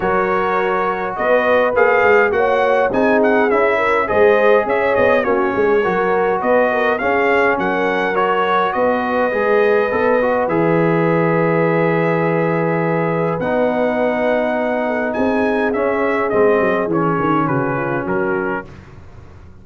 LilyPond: <<
  \new Staff \with { instrumentName = "trumpet" } { \time 4/4 \tempo 4 = 103 cis''2 dis''4 f''4 | fis''4 gis''8 fis''8 e''4 dis''4 | e''8 dis''8 cis''2 dis''4 | f''4 fis''4 cis''4 dis''4~ |
dis''2 e''2~ | e''2. fis''4~ | fis''2 gis''4 e''4 | dis''4 cis''4 b'4 ais'4 | }
  \new Staff \with { instrumentName = "horn" } { \time 4/4 ais'2 b'2 | cis''4 gis'4. ais'8 c''4 | cis''4 fis'8 gis'8 ais'4 b'8 ais'8 | gis'4 ais'2 b'4~ |
b'1~ | b'1~ | b'4. a'8 gis'2~ | gis'2 fis'8 f'8 fis'4 | }
  \new Staff \with { instrumentName = "trombone" } { \time 4/4 fis'2. gis'4 | fis'4 dis'4 e'4 gis'4~ | gis'4 cis'4 fis'2 | cis'2 fis'2 |
gis'4 a'8 fis'8 gis'2~ | gis'2. dis'4~ | dis'2. cis'4 | c'4 cis'2. | }
  \new Staff \with { instrumentName = "tuba" } { \time 4/4 fis2 b4 ais8 gis8 | ais4 c'4 cis'4 gis4 | cis'8 b8 ais8 gis8 fis4 b4 | cis'4 fis2 b4 |
gis4 b4 e2~ | e2. b4~ | b2 c'4 cis'4 | gis8 fis8 e8 dis8 cis4 fis4 | }
>>